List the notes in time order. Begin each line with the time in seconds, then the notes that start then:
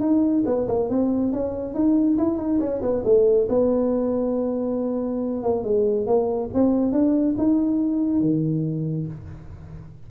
0.00 D#4
0.46 B3
0.68 A#3
0.89 C4
1.32 C#4
1.74 D#4
2.18 E4
2.38 D#4
2.60 C#4
2.82 B3
3.05 A3
3.49 B3
5.43 A#3
5.64 G#3
6.06 A#3
6.54 C4
6.92 D4
7.38 D#4
8.21 D#3